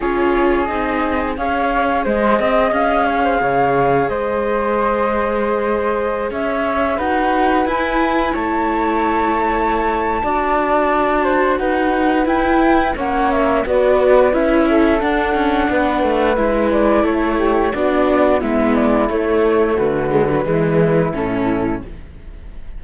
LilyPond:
<<
  \new Staff \with { instrumentName = "flute" } { \time 4/4 \tempo 4 = 88 cis''4 dis''4 f''4 dis''4 | f''2 dis''2~ | dis''4~ dis''16 e''4 fis''4 gis''8.~ | gis''16 a''2.~ a''8.~ |
a''4 fis''4 g''4 fis''8 e''8 | d''4 e''4 fis''2 | e''8 d''8 cis''4 d''4 e''8 d''8 | cis''4 b'2 a'4 | }
  \new Staff \with { instrumentName = "flute" } { \time 4/4 gis'2 cis''4 c''8 dis''8~ | dis''8 cis''16 c''16 cis''4 c''2~ | c''4~ c''16 cis''4 b'4.~ b'16~ | b'16 cis''2~ cis''8. d''4~ |
d''8 c''8 b'2 cis''4 | b'4. a'4. b'4~ | b'4 a'8 g'8 fis'4 e'4~ | e'4 fis'4 e'2 | }
  \new Staff \with { instrumentName = "viola" } { \time 4/4 f'4 dis'4 gis'2~ | gis'1~ | gis'2~ gis'16 fis'4 e'8.~ | e'2. fis'4~ |
fis'2 e'4 cis'4 | fis'4 e'4 d'2 | e'2 d'4 b4 | a4. gis16 fis16 gis4 cis'4 | }
  \new Staff \with { instrumentName = "cello" } { \time 4/4 cis'4 c'4 cis'4 gis8 c'8 | cis'4 cis4 gis2~ | gis4~ gis16 cis'4 dis'4 e'8.~ | e'16 a2~ a8. d'4~ |
d'4 dis'4 e'4 ais4 | b4 cis'4 d'8 cis'8 b8 a8 | gis4 a4 b4 gis4 | a4 d4 e4 a,4 | }
>>